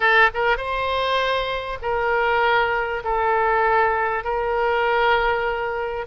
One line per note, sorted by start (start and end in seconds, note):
0.00 0.29 A4
0.33 0.57 A#4
0.57 1.78 C5
1.82 3.03 A#4
3.04 4.24 A4
4.24 6.06 A#4